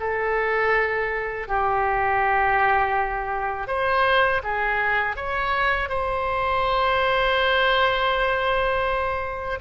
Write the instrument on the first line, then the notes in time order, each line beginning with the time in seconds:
oboe
0.00 A4
1.48 G4
3.68 C5
4.43 G#4
5.16 C#5
5.89 C5